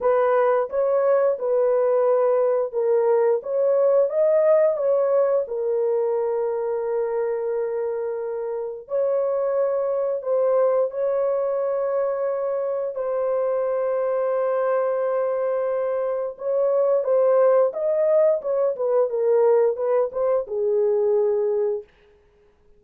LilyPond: \new Staff \with { instrumentName = "horn" } { \time 4/4 \tempo 4 = 88 b'4 cis''4 b'2 | ais'4 cis''4 dis''4 cis''4 | ais'1~ | ais'4 cis''2 c''4 |
cis''2. c''4~ | c''1 | cis''4 c''4 dis''4 cis''8 b'8 | ais'4 b'8 c''8 gis'2 | }